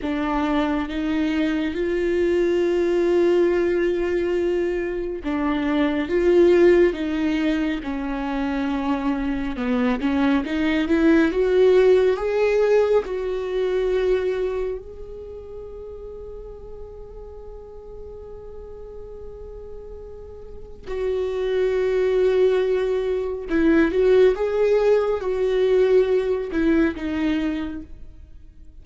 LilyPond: \new Staff \with { instrumentName = "viola" } { \time 4/4 \tempo 4 = 69 d'4 dis'4 f'2~ | f'2 d'4 f'4 | dis'4 cis'2 b8 cis'8 | dis'8 e'8 fis'4 gis'4 fis'4~ |
fis'4 gis'2.~ | gis'1 | fis'2. e'8 fis'8 | gis'4 fis'4. e'8 dis'4 | }